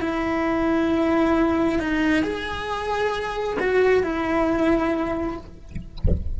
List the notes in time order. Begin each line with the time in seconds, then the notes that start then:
0.00 E4
1.79 D#4
2.23 G#4
3.59 F#4
4.03 E4